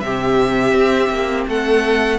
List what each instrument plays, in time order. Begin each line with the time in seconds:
0.00 cello C3, viola C4, violin G4 E5
0.72 cello C4
1.10 cello A#3
1.47 cello A3, violin A4 F#5